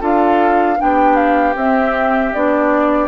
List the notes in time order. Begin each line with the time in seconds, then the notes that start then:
0.00 D4 F4 A4 F5
0.77 B3 D4 G4 G5
1.16 F5
1.55 C4 E5
2.34 B3 D4 D5